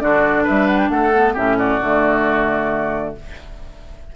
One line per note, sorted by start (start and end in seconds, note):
0.00 0.47 D3
0.00 1.12 D4
0.00 0.44 F#4
0.00 0.45 D5
0.44 0.90 G3
0.44 0.88 B4
0.44 0.67 E5
0.67 0.78 F#5
0.78 0.89 G5
0.89 1.34 A3
0.89 1.34 A4
0.89 1.34 F#5
1.15 1.36 B3
1.34 1.81 A2
1.34 1.81 C#4
1.34 1.56 G4
1.34 1.58 E5
1.58 3.15 F#4
1.58 3.15 D5
1.81 3.15 D3
1.81 3.16 A3